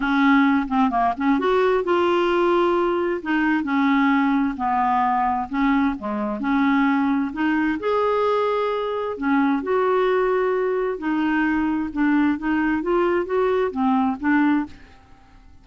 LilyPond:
\new Staff \with { instrumentName = "clarinet" } { \time 4/4 \tempo 4 = 131 cis'4. c'8 ais8 cis'8 fis'4 | f'2. dis'4 | cis'2 b2 | cis'4 gis4 cis'2 |
dis'4 gis'2. | cis'4 fis'2. | dis'2 d'4 dis'4 | f'4 fis'4 c'4 d'4 | }